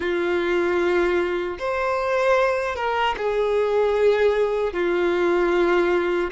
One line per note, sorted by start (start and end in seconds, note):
0.00 1.58 F4
1.58 2.75 C5
2.75 3.15 A#4
3.17 4.73 G#4
4.73 6.31 F4